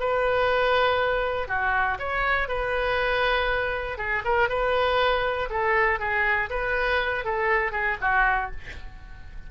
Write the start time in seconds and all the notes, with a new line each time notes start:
0.00 B4
1.48 F#4
2.00 C#5
2.48 B4
3.98 G#4
4.25 A#4
4.50 B4
5.50 A4
6.00 G#4
6.50 B4
7.25 A4
7.72 G#4
8.01 F#4